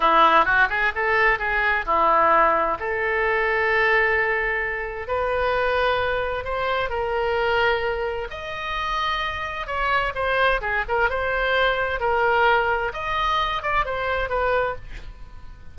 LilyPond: \new Staff \with { instrumentName = "oboe" } { \time 4/4 \tempo 4 = 130 e'4 fis'8 gis'8 a'4 gis'4 | e'2 a'2~ | a'2. b'4~ | b'2 c''4 ais'4~ |
ais'2 dis''2~ | dis''4 cis''4 c''4 gis'8 ais'8 | c''2 ais'2 | dis''4. d''8 c''4 b'4 | }